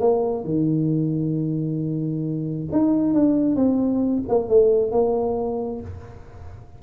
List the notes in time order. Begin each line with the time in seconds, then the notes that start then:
0.00 A#3
0.44 D#3
2.72 D#4
3.14 D4
3.56 C4
4.28 A#3
4.49 A3
4.92 A#3